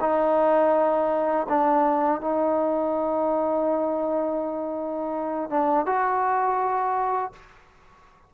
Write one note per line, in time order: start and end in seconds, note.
0.00 1.46 D#4
1.49 2.21 D4
2.21 5.50 D#4
5.50 5.86 D4
5.86 7.32 F#4